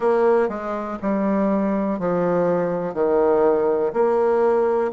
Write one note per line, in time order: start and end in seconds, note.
0.00 0.49 A#3
0.49 0.98 G#3
1.01 1.99 G3
1.99 2.94 F3
2.94 3.92 D#3
3.93 4.91 A#3